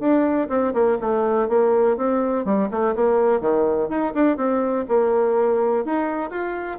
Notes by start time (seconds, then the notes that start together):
0.00 D4
0.49 C4
0.74 A#3
1.01 A3
1.48 A#3
1.97 C4
2.45 G3
2.71 A3
2.95 A#3
3.41 D#3
3.89 D#4
4.15 D4
4.37 C4
4.88 A#3
5.85 D#4
6.31 F4